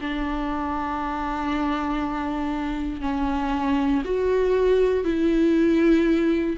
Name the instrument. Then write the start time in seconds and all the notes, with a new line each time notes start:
viola
0.00 D4
3.01 C#4
4.04 F#4
5.04 E4